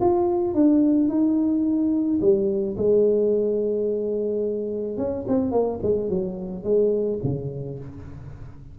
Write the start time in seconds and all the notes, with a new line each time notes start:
0.00 F4
0.54 D4
1.08 D#4
2.21 G3
2.77 G#3
4.97 C#4
5.28 C4
5.51 A#3
5.82 G#3
6.09 F#3
6.63 G#3
7.23 C#3